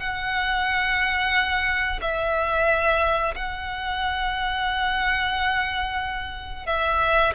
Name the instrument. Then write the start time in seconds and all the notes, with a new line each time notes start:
violin
0.00 F#5
2.02 E5
3.36 F#5
6.66 E5